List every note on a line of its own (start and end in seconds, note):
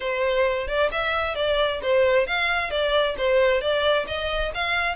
0.00 0.67 C5
0.67 0.90 D5
0.91 1.35 E5
1.35 1.80 D5
1.82 2.27 C5
2.27 2.70 F5
2.70 3.15 D5
3.17 3.61 C5
3.61 4.06 D5
4.07 4.52 D#5
4.54 4.95 F5